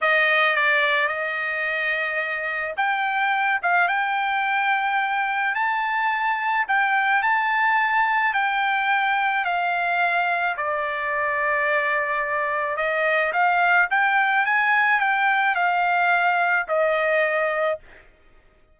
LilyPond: \new Staff \with { instrumentName = "trumpet" } { \time 4/4 \tempo 4 = 108 dis''4 d''4 dis''2~ | dis''4 g''4. f''8 g''4~ | g''2 a''2 | g''4 a''2 g''4~ |
g''4 f''2 d''4~ | d''2. dis''4 | f''4 g''4 gis''4 g''4 | f''2 dis''2 | }